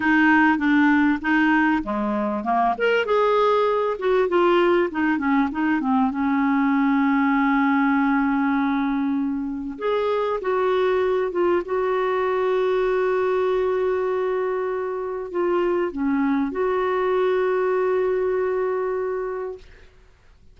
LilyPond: \new Staff \with { instrumentName = "clarinet" } { \time 4/4 \tempo 4 = 98 dis'4 d'4 dis'4 gis4 | ais8 ais'8 gis'4. fis'8 f'4 | dis'8 cis'8 dis'8 c'8 cis'2~ | cis'1 |
gis'4 fis'4. f'8 fis'4~ | fis'1~ | fis'4 f'4 cis'4 fis'4~ | fis'1 | }